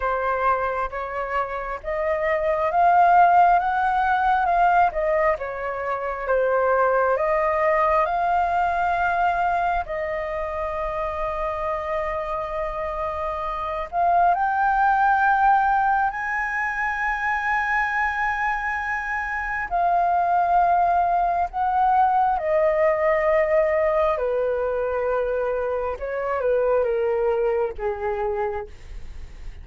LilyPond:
\new Staff \with { instrumentName = "flute" } { \time 4/4 \tempo 4 = 67 c''4 cis''4 dis''4 f''4 | fis''4 f''8 dis''8 cis''4 c''4 | dis''4 f''2 dis''4~ | dis''2.~ dis''8 f''8 |
g''2 gis''2~ | gis''2 f''2 | fis''4 dis''2 b'4~ | b'4 cis''8 b'8 ais'4 gis'4 | }